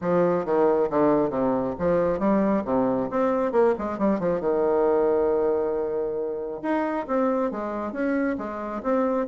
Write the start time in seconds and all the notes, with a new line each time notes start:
0.01 F3
0.45 D#3
0.90 D3
1.30 C3
1.78 F3
2.19 G3
2.65 C3
3.10 C4
3.52 A#3
3.78 G#3
3.98 G3
4.19 F3
4.40 D#3
6.62 D#4
7.07 C4
7.51 G#3
7.92 C#4
8.37 G#3
8.82 C4